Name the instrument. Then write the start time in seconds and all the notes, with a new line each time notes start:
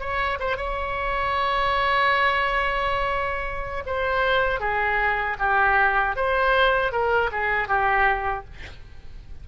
oboe
0.00 C#5
0.40 C5
0.57 C#5
3.86 C5
4.60 G#4
5.39 G4
6.16 C5
6.92 A#4
7.31 G#4
7.68 G4